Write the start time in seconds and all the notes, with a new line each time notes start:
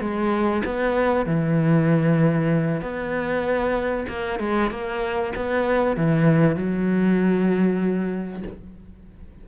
0.00 G#3
0.64 B3
1.26 E3
2.81 B3
4.08 A#3
4.39 G#3
4.70 A#3
5.36 B3
5.97 E3
6.55 F#3